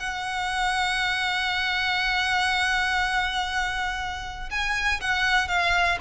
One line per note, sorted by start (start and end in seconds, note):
0.00 4.50 F#5
4.51 5.01 G#5
5.01 5.48 F#5
5.48 5.98 F5